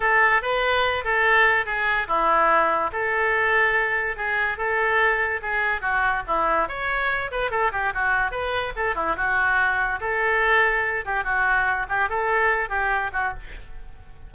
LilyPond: \new Staff \with { instrumentName = "oboe" } { \time 4/4 \tempo 4 = 144 a'4 b'4. a'4. | gis'4 e'2 a'4~ | a'2 gis'4 a'4~ | a'4 gis'4 fis'4 e'4 |
cis''4. b'8 a'8 g'8 fis'4 | b'4 a'8 e'8 fis'2 | a'2~ a'8 g'8 fis'4~ | fis'8 g'8 a'4. g'4 fis'8 | }